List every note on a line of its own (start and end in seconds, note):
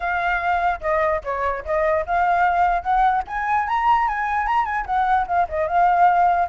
0.00 0.80 F5
0.80 1.21 D#5
1.23 1.64 C#5
1.65 2.05 D#5
2.05 2.82 F5
2.82 3.22 F#5
3.27 3.67 G#5
3.68 4.07 A#5
4.07 4.46 G#5
4.46 4.65 A#5
4.65 4.85 G#5
4.86 5.26 F#5
5.27 5.47 F5
5.48 5.67 D#5
5.67 6.48 F5